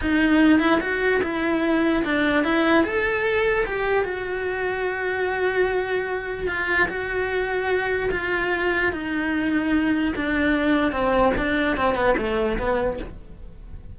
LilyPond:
\new Staff \with { instrumentName = "cello" } { \time 4/4 \tempo 4 = 148 dis'4. e'8 fis'4 e'4~ | e'4 d'4 e'4 a'4~ | a'4 g'4 fis'2~ | fis'1 |
f'4 fis'2. | f'2 dis'2~ | dis'4 d'2 c'4 | d'4 c'8 b8 a4 b4 | }